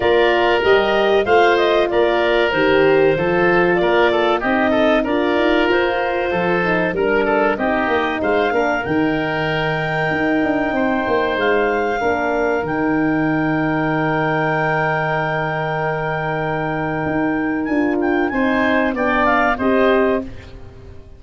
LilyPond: <<
  \new Staff \with { instrumentName = "clarinet" } { \time 4/4 \tempo 4 = 95 d''4 dis''4 f''8 dis''8 d''4 | c''2 d''4 dis''4 | d''4 c''2 ais'4 | dis''4 f''4 g''2~ |
g''2 f''2 | g''1~ | g''1 | gis''8 g''8 gis''4 g''8 f''8 dis''4 | }
  \new Staff \with { instrumentName = "oboe" } { \time 4/4 ais'2 c''4 ais'4~ | ais'4 a'4 ais'8 a'8 g'8 a'8 | ais'2 a'4 ais'8 a'8 | g'4 c''8 ais'2~ ais'8~ |
ais'4 c''2 ais'4~ | ais'1~ | ais'1~ | ais'4 c''4 d''4 c''4 | }
  \new Staff \with { instrumentName = "horn" } { \time 4/4 f'4 g'4 f'2 | g'4 f'2 dis'4 | f'2~ f'8 dis'8 d'4 | dis'4. d'8 dis'2~ |
dis'2. d'4 | dis'1~ | dis'1 | f'4 dis'4 d'4 g'4 | }
  \new Staff \with { instrumentName = "tuba" } { \time 4/4 ais4 g4 a4 ais4 | dis4 f4 ais4 c'4 | d'8 dis'8 f'4 f4 g4 | c'8 ais8 gis8 ais8 dis2 |
dis'8 d'8 c'8 ais8 gis4 ais4 | dis1~ | dis2. dis'4 | d'4 c'4 b4 c'4 | }
>>